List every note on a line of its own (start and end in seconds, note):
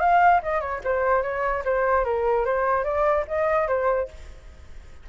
0.00 0.41 F5
0.43 0.60 D#5
0.60 0.81 C#5
0.84 1.22 C5
1.22 1.63 C#5
1.65 2.04 C5
2.04 2.45 A#4
2.45 2.84 C5
2.84 3.25 D5
3.28 3.68 D#5
3.68 4.09 C5